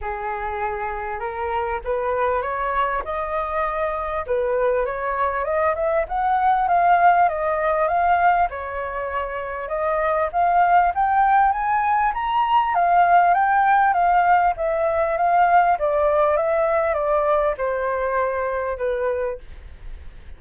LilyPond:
\new Staff \with { instrumentName = "flute" } { \time 4/4 \tempo 4 = 99 gis'2 ais'4 b'4 | cis''4 dis''2 b'4 | cis''4 dis''8 e''8 fis''4 f''4 | dis''4 f''4 cis''2 |
dis''4 f''4 g''4 gis''4 | ais''4 f''4 g''4 f''4 | e''4 f''4 d''4 e''4 | d''4 c''2 b'4 | }